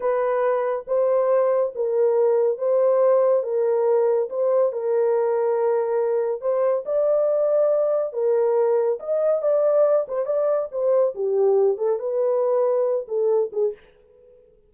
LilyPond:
\new Staff \with { instrumentName = "horn" } { \time 4/4 \tempo 4 = 140 b'2 c''2 | ais'2 c''2 | ais'2 c''4 ais'4~ | ais'2. c''4 |
d''2. ais'4~ | ais'4 dis''4 d''4. c''8 | d''4 c''4 g'4. a'8 | b'2~ b'8 a'4 gis'8 | }